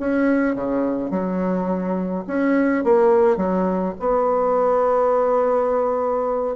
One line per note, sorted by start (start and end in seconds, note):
0.00 0.56 C#4
0.56 1.11 C#3
1.11 2.25 F#3
2.28 2.84 C#4
2.84 3.37 A#3
3.37 3.94 F#3
4.00 6.56 B3